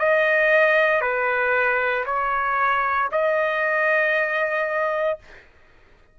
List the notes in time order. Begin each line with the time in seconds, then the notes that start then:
0.00 D#5
1.02 B4
2.06 C#5
3.12 D#5